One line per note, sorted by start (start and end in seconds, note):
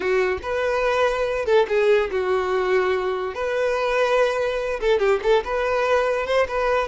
0.00 0.38 F#4
0.42 1.45 B4
1.45 1.66 A4
1.68 2.10 G#4
2.11 3.34 F#4
3.34 4.80 B4
4.80 4.99 A4
4.99 5.20 G4
5.22 5.43 A4
5.44 6.26 B4
6.26 6.47 C5
6.48 6.87 B4